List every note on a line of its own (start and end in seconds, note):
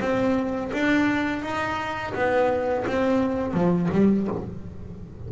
0.00 0.71 C4
0.73 1.42 D4
1.42 2.13 D#4
2.14 2.85 B3
2.87 3.53 C4
3.53 3.89 F3
3.92 4.28 G3